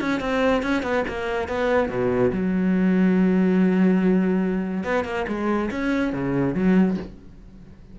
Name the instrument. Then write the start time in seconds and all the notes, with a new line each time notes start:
cello
0.00 C#4
0.20 C4
0.62 C#4
0.82 B3
1.07 A#3
1.48 B3
1.89 B2
2.32 F#3
4.83 B3
5.04 A#3
5.27 G#3
5.71 C#4
6.13 C#3
6.54 F#3